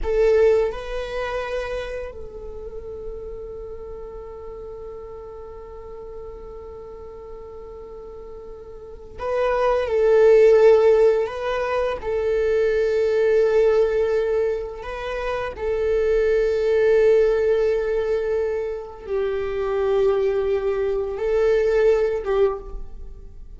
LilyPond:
\new Staff \with { instrumentName = "viola" } { \time 4/4 \tempo 4 = 85 a'4 b'2 a'4~ | a'1~ | a'1~ | a'4 b'4 a'2 |
b'4 a'2.~ | a'4 b'4 a'2~ | a'2. g'4~ | g'2 a'4. g'8 | }